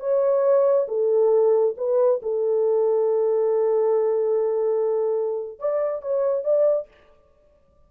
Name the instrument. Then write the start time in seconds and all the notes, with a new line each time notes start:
horn
0.00 C#5
0.88 A4
1.77 B4
2.22 A4
5.59 D5
6.02 C#5
6.44 D5